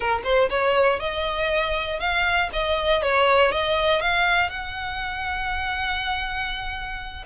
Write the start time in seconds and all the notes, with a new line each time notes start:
0.00 A#4
0.24 C5
0.49 C#5
0.99 D#5
1.99 F5
2.52 D#5
3.02 C#5
3.51 D#5
4.01 F5
4.49 F#5